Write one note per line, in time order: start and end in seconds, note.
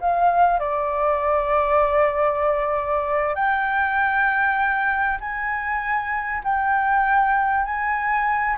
0.00 0.60 F5
0.60 3.35 D5
3.35 5.18 G5
5.20 6.43 G#5
6.44 7.65 G5
7.65 8.57 G#5